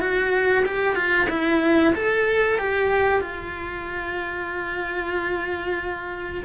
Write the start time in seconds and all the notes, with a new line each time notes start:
0.00 F#4
0.66 G4
0.95 F4
1.30 E4
1.95 A4
2.58 G4
3.21 F4